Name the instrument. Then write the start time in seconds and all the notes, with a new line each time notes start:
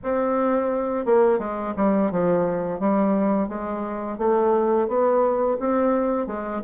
bassoon
0.03 C4
1.05 A#3
1.39 G#3
1.76 G3
2.11 F3
2.79 G3
3.48 G#3
4.18 A3
4.87 B3
5.59 C4
6.26 G#3